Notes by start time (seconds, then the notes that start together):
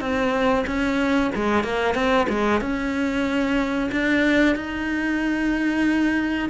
0.00 C4
0.67 C#4
1.35 G#3
1.64 A#3
1.94 C4
2.29 G#3
2.61 C#4
3.91 D4
4.55 D#4